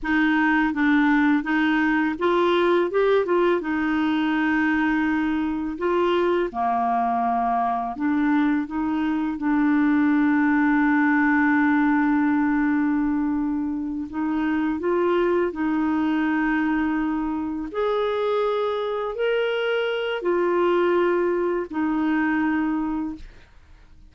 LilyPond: \new Staff \with { instrumentName = "clarinet" } { \time 4/4 \tempo 4 = 83 dis'4 d'4 dis'4 f'4 | g'8 f'8 dis'2. | f'4 ais2 d'4 | dis'4 d'2.~ |
d'2.~ d'8 dis'8~ | dis'8 f'4 dis'2~ dis'8~ | dis'8 gis'2 ais'4. | f'2 dis'2 | }